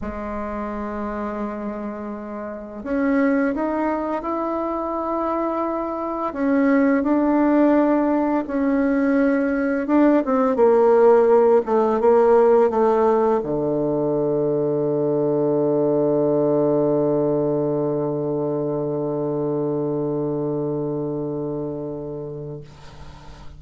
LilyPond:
\new Staff \with { instrumentName = "bassoon" } { \time 4/4 \tempo 4 = 85 gis1 | cis'4 dis'4 e'2~ | e'4 cis'4 d'2 | cis'2 d'8 c'8 ais4~ |
ais8 a8 ais4 a4 d4~ | d1~ | d1~ | d1 | }